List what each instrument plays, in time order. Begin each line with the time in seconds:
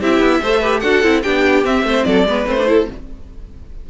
0.00 cello C4, viola E4, violin G4 E5
0.20 cello B3
0.42 cello A3, viola A4, violin C5
0.60 viola G4, violin B4
0.80 cello D4, viola F#4, violin A4 F#5
1.03 cello C4, viola E4
1.23 cello B3, viola D4, violin G4 G5
1.64 cello C4, viola C4, violin E5
1.83 cello A3, violin C5
2.04 cello F#3, violin A4 D5
2.25 cello G#3, viola B3, violin B4
2.46 cello A3, viola C4, violin C5
2.58 viola D4
2.67 viola E4, violin A4